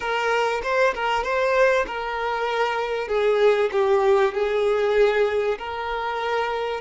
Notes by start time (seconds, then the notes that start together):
0.00 A#4
0.63 C5
0.94 A#4
1.23 C5
1.86 A#4
3.08 G#4
3.72 G4
4.34 G#4
5.58 A#4